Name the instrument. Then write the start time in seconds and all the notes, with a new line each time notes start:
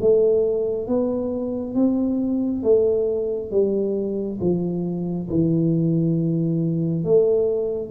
tuba
0.00 A3
0.87 B3
1.74 C4
2.63 A3
3.51 G3
4.40 F3
5.29 E3
7.04 A3